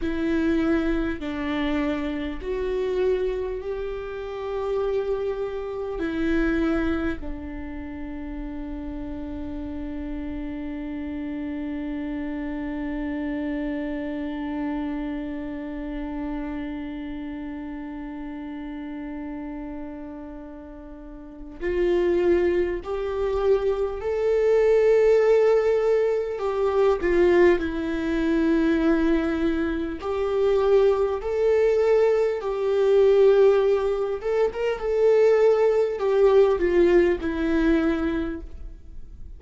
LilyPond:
\new Staff \with { instrumentName = "viola" } { \time 4/4 \tempo 4 = 50 e'4 d'4 fis'4 g'4~ | g'4 e'4 d'2~ | d'1~ | d'1~ |
d'2 f'4 g'4 | a'2 g'8 f'8 e'4~ | e'4 g'4 a'4 g'4~ | g'8 a'16 ais'16 a'4 g'8 f'8 e'4 | }